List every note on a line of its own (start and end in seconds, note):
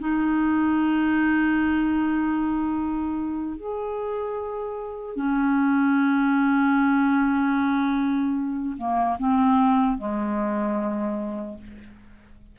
0.00 3.57 D#4
3.57 5.17 G#4
5.17 8.77 C#4
8.78 9.18 A#3
9.19 9.98 C4
9.98 11.58 G#3